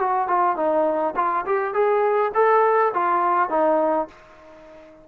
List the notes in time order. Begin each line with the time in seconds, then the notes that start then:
0.00 F#4
0.28 F4
0.56 D#4
1.16 F4
1.46 G4
1.74 G#4
2.34 A4
2.94 F4
3.50 D#4